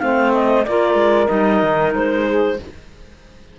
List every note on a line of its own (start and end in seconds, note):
0.00 0.67 A3
0.00 0.65 C4
0.00 0.67 C5
0.00 0.32 F5
0.34 0.65 D#5
0.65 0.95 A#3
0.65 1.28 F4
0.65 2.27 A#4
0.65 1.28 D5
0.95 1.27 G#3
1.28 1.63 G3
1.28 2.57 D#4
1.28 1.93 D#5
1.63 1.95 D#3
1.95 2.60 G#3
1.95 2.60 C5
2.27 2.59 G#4